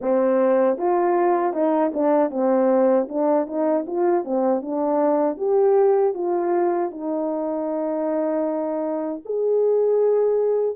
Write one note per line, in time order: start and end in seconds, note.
0.01 0.77 C4
0.77 1.53 F4
1.53 1.91 D#4
1.93 2.30 D4
2.30 3.07 C4
3.08 3.46 D4
3.46 3.85 D#4
3.86 4.24 F4
4.24 4.61 C4
4.61 5.37 D4
5.37 6.14 G4
6.14 6.90 F4
6.90 9.21 D#4
9.25 10.76 G#4